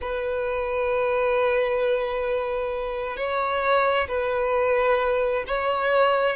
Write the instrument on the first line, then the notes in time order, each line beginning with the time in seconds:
violin
0.01 B4
3.16 C#5
4.08 B4
5.47 C#5